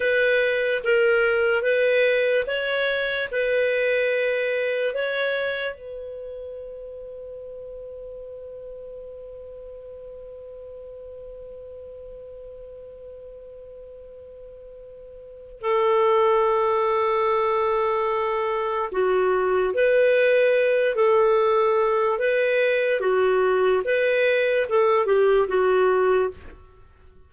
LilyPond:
\new Staff \with { instrumentName = "clarinet" } { \time 4/4 \tempo 4 = 73 b'4 ais'4 b'4 cis''4 | b'2 cis''4 b'4~ | b'1~ | b'1~ |
b'2. a'4~ | a'2. fis'4 | b'4. a'4. b'4 | fis'4 b'4 a'8 g'8 fis'4 | }